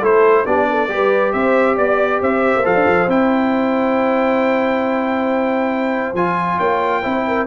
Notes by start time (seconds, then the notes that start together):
0.00 A3 E4 A4 C5
0.46 B3 D4 G4 D5
0.69 A4
0.89 G3 G4 B4
1.33 C4 C5 E5
1.77 B3 D5
2.21 C4 C5 E5
2.56 A#3
2.64 F3 A4 F5
2.75 D4
2.87 F3
3.08 C4 E4 G5
6.14 F3 F4 G#5
6.57 A#3 C#5 G5
7.02 C4 E4 C5
7.28 A#4